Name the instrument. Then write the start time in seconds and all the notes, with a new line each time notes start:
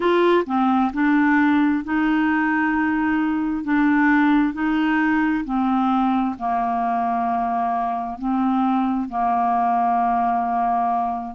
clarinet
0.00 F4
0.45 C4
0.93 D4
1.84 D#4
3.64 D4
4.53 D#4
5.44 C4
6.38 A#3
8.18 C4
9.09 A#3